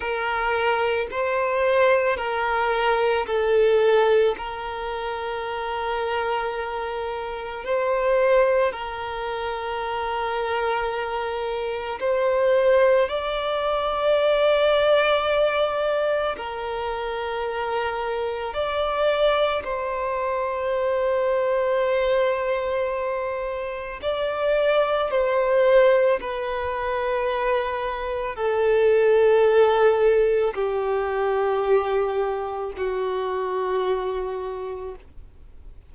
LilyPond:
\new Staff \with { instrumentName = "violin" } { \time 4/4 \tempo 4 = 55 ais'4 c''4 ais'4 a'4 | ais'2. c''4 | ais'2. c''4 | d''2. ais'4~ |
ais'4 d''4 c''2~ | c''2 d''4 c''4 | b'2 a'2 | g'2 fis'2 | }